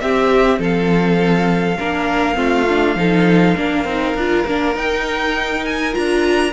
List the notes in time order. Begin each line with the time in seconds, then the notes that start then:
0.00 C4 G4 E5
0.59 F3 A4 F5
1.79 A#3 D4 A#4
2.35 A3 C4 F4
2.68 D4
2.95 F3 D#4 A4
3.56 A#3 D4 A#4
3.84 C4 D#4
4.15 D4 F4
4.46 A#3 D4
4.75 D#4 G5
5.65 G#5
5.92 D4 F4 A#5